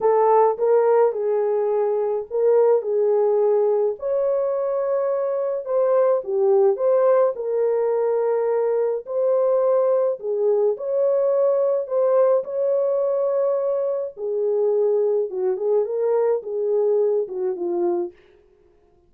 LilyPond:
\new Staff \with { instrumentName = "horn" } { \time 4/4 \tempo 4 = 106 a'4 ais'4 gis'2 | ais'4 gis'2 cis''4~ | cis''2 c''4 g'4 | c''4 ais'2. |
c''2 gis'4 cis''4~ | cis''4 c''4 cis''2~ | cis''4 gis'2 fis'8 gis'8 | ais'4 gis'4. fis'8 f'4 | }